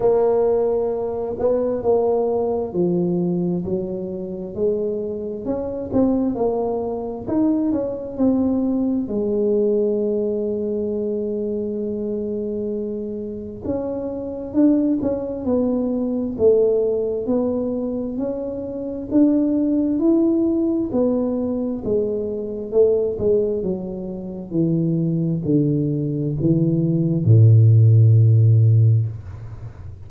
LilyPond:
\new Staff \with { instrumentName = "tuba" } { \time 4/4 \tempo 4 = 66 ais4. b8 ais4 f4 | fis4 gis4 cis'8 c'8 ais4 | dis'8 cis'8 c'4 gis2~ | gis2. cis'4 |
d'8 cis'8 b4 a4 b4 | cis'4 d'4 e'4 b4 | gis4 a8 gis8 fis4 e4 | d4 e4 a,2 | }